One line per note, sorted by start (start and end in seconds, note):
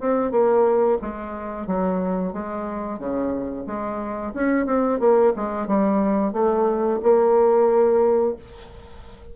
0.00 0.32 C4
0.32 0.98 A#3
1.02 1.67 G#3
1.67 2.33 F#3
2.33 2.99 G#3
2.99 3.66 C#3
3.66 4.33 G#3
4.34 4.66 C#4
4.66 5.00 C4
5.00 5.33 A#3
5.36 5.67 G#3
5.67 6.33 G3
6.33 7.00 A3
7.03 8.36 A#3